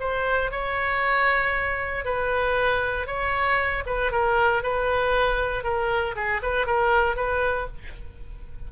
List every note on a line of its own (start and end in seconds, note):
0.00 0.51 C5
0.51 2.04 C#5
2.04 3.07 B4
3.07 3.83 C#5
3.86 4.11 B4
4.11 4.62 A#4
4.62 5.64 B4
5.64 6.15 A#4
6.15 6.41 G#4
6.42 6.66 B4
6.66 7.16 A#4
7.16 7.67 B4